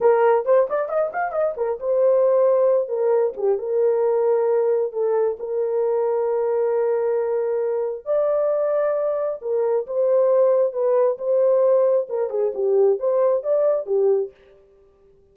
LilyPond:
\new Staff \with { instrumentName = "horn" } { \time 4/4 \tempo 4 = 134 ais'4 c''8 d''8 dis''8 f''8 dis''8 ais'8 | c''2~ c''8 ais'4 g'8 | ais'2. a'4 | ais'1~ |
ais'2 d''2~ | d''4 ais'4 c''2 | b'4 c''2 ais'8 gis'8 | g'4 c''4 d''4 g'4 | }